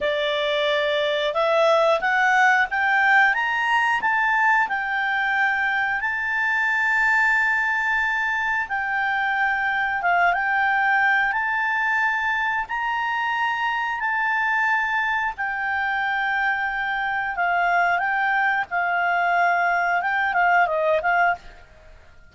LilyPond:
\new Staff \with { instrumentName = "clarinet" } { \time 4/4 \tempo 4 = 90 d''2 e''4 fis''4 | g''4 ais''4 a''4 g''4~ | g''4 a''2.~ | a''4 g''2 f''8 g''8~ |
g''4 a''2 ais''4~ | ais''4 a''2 g''4~ | g''2 f''4 g''4 | f''2 g''8 f''8 dis''8 f''8 | }